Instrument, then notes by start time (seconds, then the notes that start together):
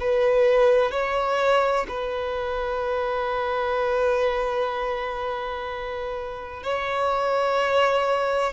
violin
0.00 B4
0.91 C#5
1.89 B4
6.63 C#5